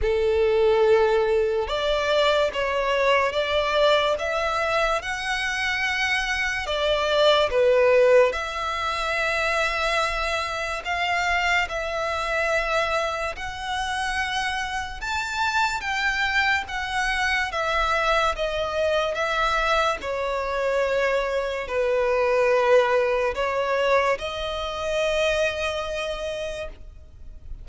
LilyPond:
\new Staff \with { instrumentName = "violin" } { \time 4/4 \tempo 4 = 72 a'2 d''4 cis''4 | d''4 e''4 fis''2 | d''4 b'4 e''2~ | e''4 f''4 e''2 |
fis''2 a''4 g''4 | fis''4 e''4 dis''4 e''4 | cis''2 b'2 | cis''4 dis''2. | }